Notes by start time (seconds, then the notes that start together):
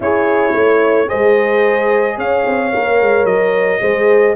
0.00 C#4 E4 G#4 C#5
0.52 A3 C#5
1.07 G#3 G#4 C5 D#5
2.17 C#4 C#5 F5
2.46 C4
2.72 A#3 A#4
3.00 G#3
3.24 F#3 D#5
3.81 G#3 G#4 C5